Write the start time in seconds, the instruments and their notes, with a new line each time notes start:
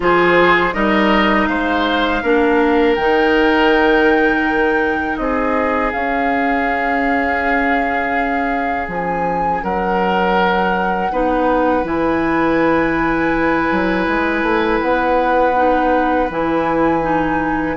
0.00 bassoon F3, clarinet F4, oboe G#4, flute C5
0.73 bassoon G3, clarinet D#4, oboe A#4, flute D#5
1.46 bassoon G#3, oboe C5, flute F5
2.22 bassoon A#3, clarinet D4, oboe A#4
2.95 bassoon D#3, clarinet D#4, flute G5
5.16 bassoon C4, oboe G#4, flute D#5
5.91 clarinet C#4, bassoon C#4, flute F5
8.88 bassoon F3, flute G#5
9.63 bassoon F#3, oboe A#4, flute F#5
11.11 bassoon B3, clarinet D#4, oboe B4
11.83 bassoon E3, clarinet E4, flute G#5
13.71 bassoon F#3
14.07 bassoon G#3
14.42 bassoon A3
14.81 bassoon B3, flute F#5
15.54 clarinet D#4
16.30 bassoon E3, clarinet E4, flute G#5
17.01 clarinet D#4